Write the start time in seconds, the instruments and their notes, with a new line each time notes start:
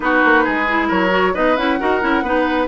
0.00 bassoon B3, clarinet D#4, oboe F#4, flute B4
0.24 bassoon A#3
0.43 bassoon G#3, oboe G#4
0.68 clarinet E4
0.88 bassoon F#3, oboe A#4, flute C#5
1.09 clarinet F#4
1.33 bassoon B3, clarinet D#4, oboe B4, flute D#5
1.56 bassoon C#4, clarinet E4, flute F#5
1.79 bassoon D#4, clarinet F#4, oboe A#4
2.00 bassoon C#4, clarinet E4
2.22 bassoon B3, clarinet D#4, oboe B4